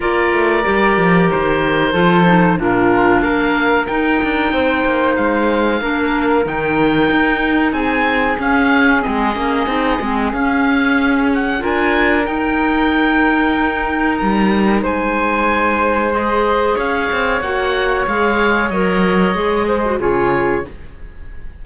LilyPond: <<
  \new Staff \with { instrumentName = "oboe" } { \time 4/4 \tempo 4 = 93 d''2 c''2 | ais'4 f''4 g''2 | f''2 g''2 | gis''4 f''4 dis''2 |
f''4. fis''8 gis''4 g''4~ | g''2 ais''4 gis''4~ | gis''4 dis''4 f''4 fis''4 | f''4 dis''2 cis''4 | }
  \new Staff \with { instrumentName = "flute" } { \time 4/4 ais'2. a'4 | f'4 ais'2 c''4~ | c''4 ais'2. | gis'1~ |
gis'2 ais'2~ | ais'2. c''4~ | c''2 cis''2~ | cis''2~ cis''8 c''8 gis'4 | }
  \new Staff \with { instrumentName = "clarinet" } { \time 4/4 f'4 g'2 f'8 dis'8 | d'2 dis'2~ | dis'4 d'4 dis'2~ | dis'4 cis'4 c'8 cis'8 dis'8 c'8 |
cis'2 f'4 dis'4~ | dis'1~ | dis'4 gis'2 fis'4 | gis'4 ais'4 gis'8. fis'16 f'4 | }
  \new Staff \with { instrumentName = "cello" } { \time 4/4 ais8 a8 g8 f8 dis4 f4 | ais,4 ais4 dis'8 d'8 c'8 ais8 | gis4 ais4 dis4 dis'4 | c'4 cis'4 gis8 ais8 c'8 gis8 |
cis'2 d'4 dis'4~ | dis'2 g4 gis4~ | gis2 cis'8 c'8 ais4 | gis4 fis4 gis4 cis4 | }
>>